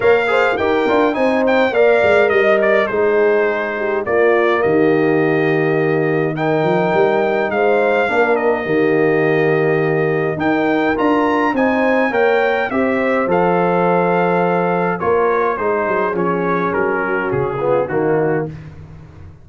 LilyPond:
<<
  \new Staff \with { instrumentName = "trumpet" } { \time 4/4 \tempo 4 = 104 f''4 g''4 gis''8 g''8 f''4 | dis''8 d''8 c''2 d''4 | dis''2. g''4~ | g''4 f''4. dis''4.~ |
dis''2 g''4 ais''4 | gis''4 g''4 e''4 f''4~ | f''2 cis''4 c''4 | cis''4 ais'4 gis'4 fis'4 | }
  \new Staff \with { instrumentName = "horn" } { \time 4/4 cis''8 c''8 ais'4 c''4 d''4 | dis''4 gis'4. g'8 f'4 | g'2. ais'4~ | ais'4 c''4 ais'4 g'4~ |
g'2 ais'2 | c''4 cis''4 c''2~ | c''2 ais'4 gis'4~ | gis'4. fis'4 f'8 dis'4 | }
  \new Staff \with { instrumentName = "trombone" } { \time 4/4 ais'8 gis'8 g'8 f'8 dis'4 ais'4~ | ais'4 dis'2 ais4~ | ais2. dis'4~ | dis'2 d'4 ais4~ |
ais2 dis'4 f'4 | dis'4 ais'4 g'4 a'4~ | a'2 f'4 dis'4 | cis'2~ cis'8 b8 ais4 | }
  \new Staff \with { instrumentName = "tuba" } { \time 4/4 ais4 dis'8 d'8 c'4 ais8 gis8 | g4 gis2 ais4 | dis2.~ dis8 f8 | g4 gis4 ais4 dis4~ |
dis2 dis'4 d'4 | c'4 ais4 c'4 f4~ | f2 ais4 gis8 fis8 | f4 fis4 cis4 dis4 | }
>>